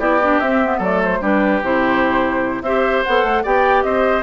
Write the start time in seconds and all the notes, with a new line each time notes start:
0.00 B3 E4 G4 D5
0.23 D4
0.40 C4 E5
0.65 B3
0.78 F#3 A4 D5
0.85 A3
1.04 C5
1.22 G3 D4 G4 B4
1.62 C3 E4 C5
2.62 C4 G4 C5 E5
3.04 B3 A4 F#5
3.24 A3
3.44 B3 G4 D5 G5
3.83 C4 C5 D#5